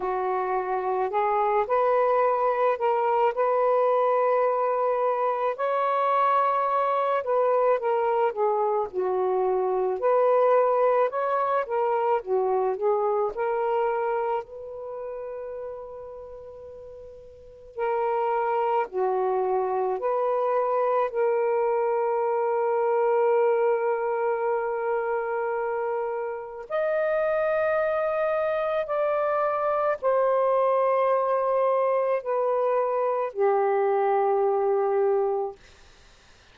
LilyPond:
\new Staff \with { instrumentName = "saxophone" } { \time 4/4 \tempo 4 = 54 fis'4 gis'8 b'4 ais'8 b'4~ | b'4 cis''4. b'8 ais'8 gis'8 | fis'4 b'4 cis''8 ais'8 fis'8 gis'8 | ais'4 b'2. |
ais'4 fis'4 b'4 ais'4~ | ais'1 | dis''2 d''4 c''4~ | c''4 b'4 g'2 | }